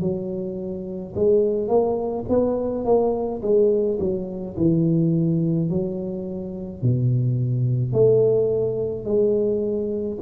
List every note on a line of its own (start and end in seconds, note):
0.00 1.13 F#3
1.15 1.68 G#3
1.68 2.25 A#3
2.28 2.85 B3
2.85 3.42 A#3
3.42 3.99 G#3
3.99 4.56 F#3
4.57 5.70 E3
5.70 6.82 F#3
6.82 7.93 B2
7.93 9.05 A3
9.05 10.18 G#3